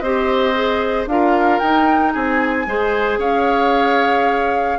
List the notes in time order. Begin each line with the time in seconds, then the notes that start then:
0.00 C4 G4 C5 D#5
0.54 G#4
1.06 D4 F4 A#4 F5
1.59 D#4 G5
2.13 C4 G#4 G#5
2.66 G#3 G#4 C5
3.18 C#4 C#5 F5